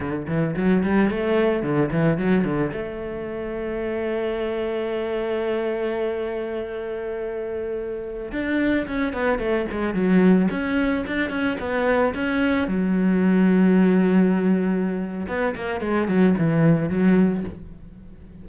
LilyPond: \new Staff \with { instrumentName = "cello" } { \time 4/4 \tempo 4 = 110 d8 e8 fis8 g8 a4 d8 e8 | fis8 d8 a2.~ | a1~ | a2.~ a16 d'8.~ |
d'16 cis'8 b8 a8 gis8 fis4 cis'8.~ | cis'16 d'8 cis'8 b4 cis'4 fis8.~ | fis1 | b8 ais8 gis8 fis8 e4 fis4 | }